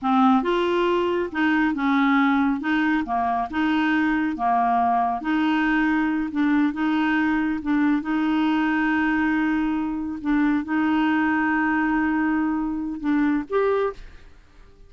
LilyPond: \new Staff \with { instrumentName = "clarinet" } { \time 4/4 \tempo 4 = 138 c'4 f'2 dis'4 | cis'2 dis'4 ais4 | dis'2 ais2 | dis'2~ dis'8 d'4 dis'8~ |
dis'4. d'4 dis'4.~ | dis'2.~ dis'8 d'8~ | d'8 dis'2.~ dis'8~ | dis'2 d'4 g'4 | }